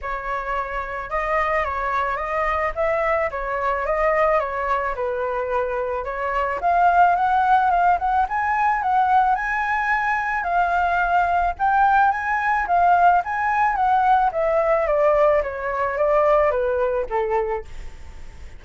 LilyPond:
\new Staff \with { instrumentName = "flute" } { \time 4/4 \tempo 4 = 109 cis''2 dis''4 cis''4 | dis''4 e''4 cis''4 dis''4 | cis''4 b'2 cis''4 | f''4 fis''4 f''8 fis''8 gis''4 |
fis''4 gis''2 f''4~ | f''4 g''4 gis''4 f''4 | gis''4 fis''4 e''4 d''4 | cis''4 d''4 b'4 a'4 | }